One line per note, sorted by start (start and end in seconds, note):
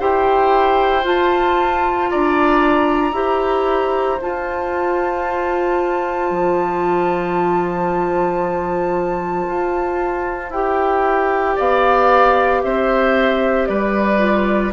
0.00 1.05 E4
0.00 1.03 G4
0.00 2.11 C5
0.00 1.05 G5
1.03 3.13 F4
1.03 2.10 F4
1.03 2.10 A5
2.10 3.13 D4
2.10 3.16 D5
2.10 4.21 A#5
3.13 4.18 E4
3.13 4.19 G4
3.13 11.56 C5
4.21 10.52 F4
4.21 6.31 F4
4.21 10.53 A5
6.31 9.47 F3
9.47 10.51 F4
10.51 11.56 E4
10.51 14.19 G4
10.51 11.58 G5
11.56 12.64 B3
11.56 12.61 D5
11.56 12.63 F5
12.63 13.69 C4
12.63 13.69 C5
12.63 13.66 E5
13.66 14.74 G3
13.66 14.74 B4
13.66 14.72 D5
14.19 14.71 F4